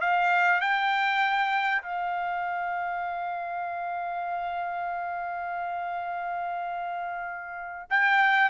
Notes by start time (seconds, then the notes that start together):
0.00 F5
0.60 G5
1.82 F5
7.90 G5